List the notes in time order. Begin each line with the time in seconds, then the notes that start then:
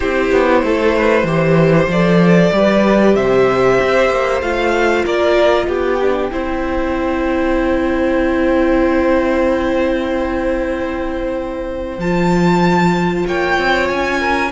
0.00 C4 E4 G4 C5
0.31 B3
0.63 A3 A4
0.95 B4
1.23 E3 G4 C5
1.87 F3 A4 D5
2.52 G3 G4 B4
3.15 C3 C5 E5
3.80 C4
4.10 A#3
4.41 A3 F4 F5
5.05 A#3 A#4 D5
5.67 B3 G4 G5
6.01 D4
6.31 C4 E4 C5
11.98 F3 F4 A5
13.26 A#3 C#5 G5
13.57 C4
13.88 C#4 G#5
14.20 A#4